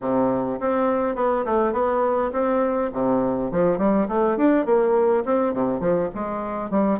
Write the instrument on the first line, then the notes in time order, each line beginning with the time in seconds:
bassoon
0.00 C3
0.60 C4
1.15 B3
1.45 A3
1.72 B3
2.32 C4
2.93 C3
3.51 F3
3.78 G3
4.08 A3
4.37 D4
4.65 A#3
5.25 C4
5.53 C3
5.80 F3
6.14 G#3
6.70 G3